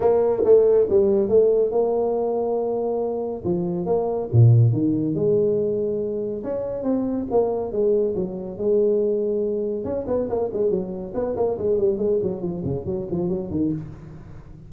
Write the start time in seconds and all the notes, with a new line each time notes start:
0.00 A#3
0.44 A3
0.89 G3
1.29 A3
1.71 A#3
3.44 F3
3.86 A#3
4.32 A#2
4.72 D#3
5.14 G#3
6.43 C#4
6.83 C4
7.31 A#3
7.71 G#3
8.15 F#3
8.57 G#3
9.84 C#4
10.07 B3
10.29 A#3
10.53 G#3
10.70 F#3
11.14 B3
11.36 A#3
11.58 G#3
11.78 G3
11.98 G#3
12.22 F#3
12.41 F3
12.64 C#3
12.85 F#3
13.10 F3
13.28 F#3
13.50 D#3